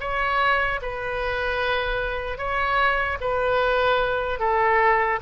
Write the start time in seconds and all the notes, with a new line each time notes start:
0.00 C#5
0.81 B4
2.37 C#5
3.21 B4
4.39 A4